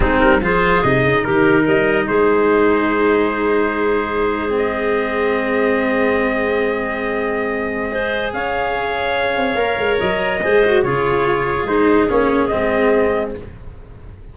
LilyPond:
<<
  \new Staff \with { instrumentName = "trumpet" } { \time 4/4 \tempo 4 = 144 gis'8 ais'8 c''4 dis''4 ais'4 | dis''4 c''2.~ | c''2. dis''4~ | dis''1~ |
dis''1 | f''1 | dis''2 cis''2 | c''4 cis''4 dis''2 | }
  \new Staff \with { instrumentName = "clarinet" } { \time 4/4 dis'4 gis'2 g'4 | ais'4 gis'2.~ | gis'1~ | gis'1~ |
gis'2. c''4 | cis''1~ | cis''4 c''4 gis'2~ | gis'1 | }
  \new Staff \with { instrumentName = "cello" } { \time 4/4 c'4 f'4 dis'2~ | dis'1~ | dis'2~ dis'8. c'4~ c'16~ | c'1~ |
c'2. gis'4~ | gis'2. ais'4~ | ais'4 gis'8 fis'8 f'2 | dis'4 cis'4 c'2 | }
  \new Staff \with { instrumentName = "tuba" } { \time 4/4 gis8 g8 f4 c8 cis8 dis4 | g4 gis2.~ | gis1~ | gis1~ |
gis1 | cis'2~ cis'8 c'8 ais8 gis8 | fis4 gis4 cis2 | gis4 ais4 gis2 | }
>>